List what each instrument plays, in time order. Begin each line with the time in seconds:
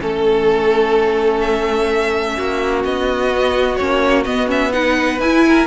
0.00 cello A3, viola C#4, violin A4
1.40 violin E5
2.36 cello A#3, violin F#4
2.84 cello B3, violin D#5
3.31 viola B3
3.76 cello A#3, viola C#4, violin C#5
4.24 viola B3, cello B3, violin D#5
4.47 viola C#4, violin E5
4.72 viola D#4, violin B4 F#5
5.19 cello E4, viola E4, violin G#5
5.48 violin A#4